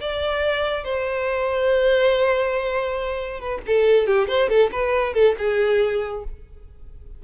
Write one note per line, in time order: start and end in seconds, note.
0.00 0.84 D5
0.84 3.40 C5
3.40 3.62 B4
3.66 4.06 A4
4.06 4.28 G4
4.28 4.49 C5
4.49 4.70 A4
4.72 5.14 B4
5.14 5.35 A4
5.38 6.24 G#4